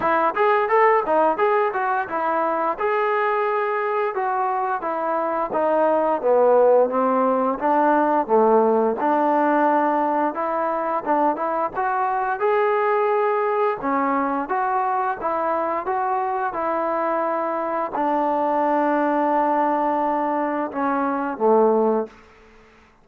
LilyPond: \new Staff \with { instrumentName = "trombone" } { \time 4/4 \tempo 4 = 87 e'8 gis'8 a'8 dis'8 gis'8 fis'8 e'4 | gis'2 fis'4 e'4 | dis'4 b4 c'4 d'4 | a4 d'2 e'4 |
d'8 e'8 fis'4 gis'2 | cis'4 fis'4 e'4 fis'4 | e'2 d'2~ | d'2 cis'4 a4 | }